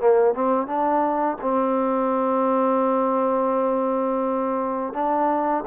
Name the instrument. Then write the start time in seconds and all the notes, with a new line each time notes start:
trombone
0.00 A#3
0.35 C4
0.67 D4
1.42 C4
4.94 D4